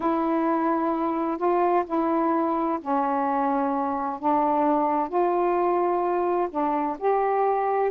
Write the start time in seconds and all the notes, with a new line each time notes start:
0.00 E4
1.37 F4
1.86 E4
2.81 C#4
4.19 D4
5.08 F4
6.50 D4
6.98 G4